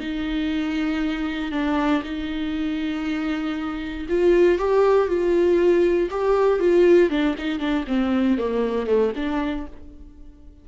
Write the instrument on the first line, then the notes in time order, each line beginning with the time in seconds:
viola
0.00 D#4
1.51 D4
2.03 D#4
4.09 F4
4.58 G4
5.08 F4
6.10 G4
6.60 F4
7.10 D4
7.38 D#4
7.59 D4
7.87 C4
8.38 A#3
8.86 A3
9.15 D4